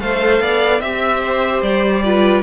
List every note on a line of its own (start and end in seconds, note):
0.00 0.40 A3
0.00 0.81 A4
0.00 0.42 C5
0.00 0.80 F5
0.40 0.80 B3
0.40 0.81 D5
0.80 1.61 C4
0.80 2.04 G4
0.80 1.61 E5
0.80 1.21 E5
1.22 2.03 C5
1.61 2.42 G3
1.61 2.42 D5
2.04 2.42 F4
2.04 2.42 B4